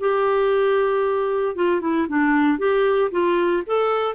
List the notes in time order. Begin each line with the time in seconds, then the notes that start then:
0.00 G4
1.56 F4
1.81 E4
2.08 D4
2.58 G4
3.11 F4
3.66 A4